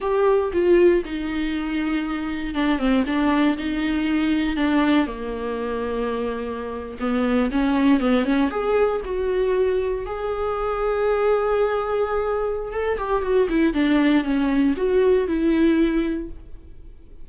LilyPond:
\new Staff \with { instrumentName = "viola" } { \time 4/4 \tempo 4 = 118 g'4 f'4 dis'2~ | dis'4 d'8 c'8 d'4 dis'4~ | dis'4 d'4 ais2~ | ais4.~ ais16 b4 cis'4 b16~ |
b16 cis'8 gis'4 fis'2 gis'16~ | gis'1~ | gis'4 a'8 g'8 fis'8 e'8 d'4 | cis'4 fis'4 e'2 | }